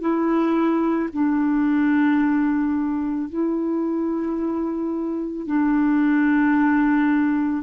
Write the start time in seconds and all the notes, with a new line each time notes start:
0.00 E4
1.13 D4
3.29 E4
5.46 D4